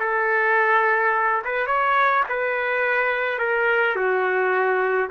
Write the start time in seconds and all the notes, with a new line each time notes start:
0.00 A4
1.45 B4
1.67 C#5
2.29 B4
3.39 A#4
3.96 F#4